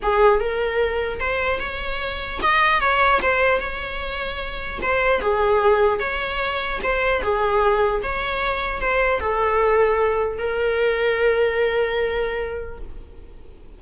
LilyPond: \new Staff \with { instrumentName = "viola" } { \time 4/4 \tempo 4 = 150 gis'4 ais'2 c''4 | cis''2 dis''4 cis''4 | c''4 cis''2. | c''4 gis'2 cis''4~ |
cis''4 c''4 gis'2 | cis''2 c''4 a'4~ | a'2 ais'2~ | ais'1 | }